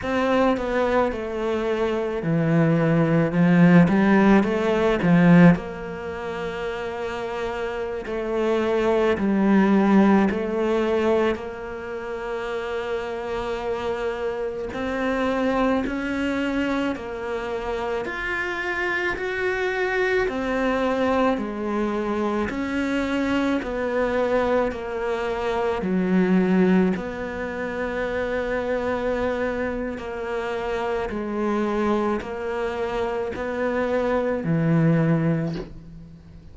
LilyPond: \new Staff \with { instrumentName = "cello" } { \time 4/4 \tempo 4 = 54 c'8 b8 a4 e4 f8 g8 | a8 f8 ais2~ ais16 a8.~ | a16 g4 a4 ais4.~ ais16~ | ais4~ ais16 c'4 cis'4 ais8.~ |
ais16 f'4 fis'4 c'4 gis8.~ | gis16 cis'4 b4 ais4 fis8.~ | fis16 b2~ b8. ais4 | gis4 ais4 b4 e4 | }